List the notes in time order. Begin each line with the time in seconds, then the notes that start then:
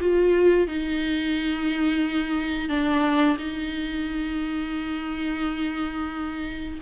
0.00 F4
0.67 D#4
2.68 D4
3.38 D#4